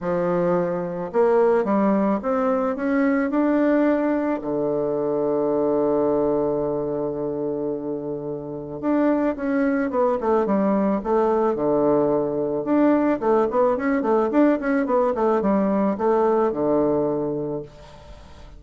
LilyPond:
\new Staff \with { instrumentName = "bassoon" } { \time 4/4 \tempo 4 = 109 f2 ais4 g4 | c'4 cis'4 d'2 | d1~ | d1 |
d'4 cis'4 b8 a8 g4 | a4 d2 d'4 | a8 b8 cis'8 a8 d'8 cis'8 b8 a8 | g4 a4 d2 | }